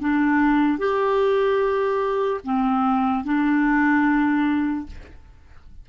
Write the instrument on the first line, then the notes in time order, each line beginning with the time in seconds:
clarinet
0.00 D4
0.79 G4
2.44 C4
3.24 D4